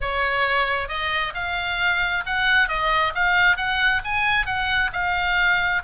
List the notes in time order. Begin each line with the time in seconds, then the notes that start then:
0.00 C#5
0.88 D#5
1.34 F5
2.26 F#5
2.68 D#5
3.14 F5
3.56 F#5
4.04 G#5
4.46 F#5
4.93 F5